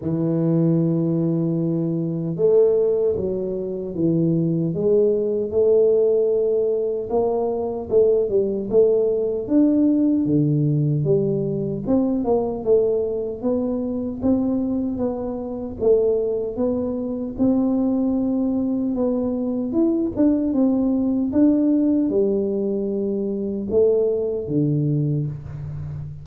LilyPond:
\new Staff \with { instrumentName = "tuba" } { \time 4/4 \tempo 4 = 76 e2. a4 | fis4 e4 gis4 a4~ | a4 ais4 a8 g8 a4 | d'4 d4 g4 c'8 ais8 |
a4 b4 c'4 b4 | a4 b4 c'2 | b4 e'8 d'8 c'4 d'4 | g2 a4 d4 | }